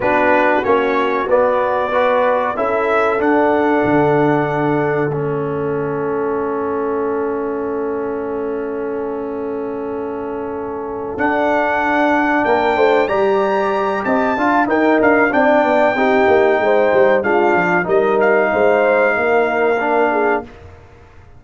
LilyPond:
<<
  \new Staff \with { instrumentName = "trumpet" } { \time 4/4 \tempo 4 = 94 b'4 cis''4 d''2 | e''4 fis''2. | e''1~ | e''1~ |
e''4. fis''2 g''8~ | g''8 ais''4. a''4 g''8 f''8 | g''2. f''4 | dis''8 f''2.~ f''8 | }
  \new Staff \with { instrumentName = "horn" } { \time 4/4 fis'2. b'4 | a'1~ | a'1~ | a'1~ |
a'2.~ a'8 ais'8 | c''8 d''4. dis''8 f''8 ais'4 | d''4 g'4 c''4 f'4 | ais'4 c''4 ais'4. gis'8 | }
  \new Staff \with { instrumentName = "trombone" } { \time 4/4 d'4 cis'4 b4 fis'4 | e'4 d'2. | cis'1~ | cis'1~ |
cis'4. d'2~ d'8~ | d'8 g'2 f'8 dis'4 | d'4 dis'2 d'4 | dis'2. d'4 | }
  \new Staff \with { instrumentName = "tuba" } { \time 4/4 b4 ais4 b2 | cis'4 d'4 d2 | a1~ | a1~ |
a4. d'2 ais8 | a8 g4. c'8 d'8 dis'8 d'8 | c'8 b8 c'8 ais8 gis8 g8 gis8 f8 | g4 gis4 ais2 | }
>>